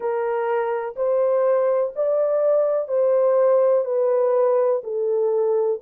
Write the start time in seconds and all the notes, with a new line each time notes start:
0.00 A#4
0.95 C5
1.95 D5
2.88 C5
3.84 B4
4.83 A4